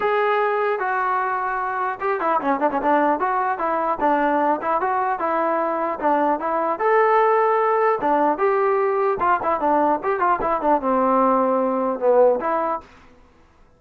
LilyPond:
\new Staff \with { instrumentName = "trombone" } { \time 4/4 \tempo 4 = 150 gis'2 fis'2~ | fis'4 g'8 e'8 cis'8 d'16 cis'16 d'4 | fis'4 e'4 d'4. e'8 | fis'4 e'2 d'4 |
e'4 a'2. | d'4 g'2 f'8 e'8 | d'4 g'8 f'8 e'8 d'8 c'4~ | c'2 b4 e'4 | }